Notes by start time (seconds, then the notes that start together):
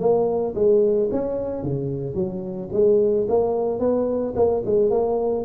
0.00 A#3
0.55 G#3
1.12 C#4
1.63 C#3
2.15 F#3
2.73 G#3
3.29 A#3
3.80 B3
4.36 A#3
4.66 G#3
4.91 A#3